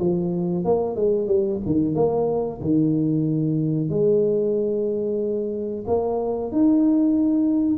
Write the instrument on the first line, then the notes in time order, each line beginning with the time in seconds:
tuba
0.00 F3
0.65 A#3
0.96 G#3
1.27 G3
1.66 D#3
1.95 A#3
2.61 D#3
3.89 G#3
5.87 A#3
6.52 D#4